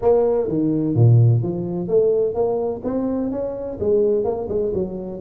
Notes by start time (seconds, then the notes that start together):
0.01 A#3
0.48 D#3
0.95 A#2
1.42 F3
1.88 A3
2.34 A#3
2.84 C4
3.31 C#4
3.79 G#3
4.24 A#3
4.49 G#3
4.74 F#3